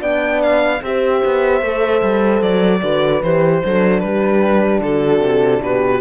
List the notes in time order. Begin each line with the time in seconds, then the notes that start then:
0.00 B3 D4 D5 G5
0.43 F5
0.82 C4 G4 C5 E5
1.25 B3
1.62 A3 A4
2.02 G3
2.42 F#3 D5
2.82 D3 F#4 B4
3.23 E3 G4 C5
3.64 F#3 D4 A4
4.00 G3 G4 B4
4.81 D3 F#4 A4
5.19 C3
5.62 B2 G4 B4